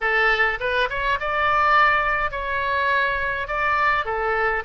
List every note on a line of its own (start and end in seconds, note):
0.00 0.59 A4
0.60 0.89 B4
0.89 1.18 C#5
1.19 2.31 D5
2.31 3.47 C#5
3.47 4.05 D5
4.05 4.63 A4